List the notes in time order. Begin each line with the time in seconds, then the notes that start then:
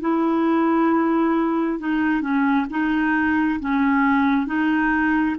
0.00 E4
1.79 D#4
2.21 C#4
2.69 D#4
3.60 C#4
4.46 D#4